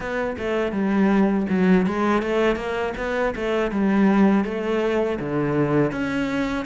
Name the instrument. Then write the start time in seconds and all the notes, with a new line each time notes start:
cello
0.00 B3
0.37 A3
0.72 G3
1.49 F#3
1.86 G#3
2.22 A3
2.56 A#3
2.97 B3
3.35 A3
3.71 G3
4.44 A3
5.19 D3
5.91 C#4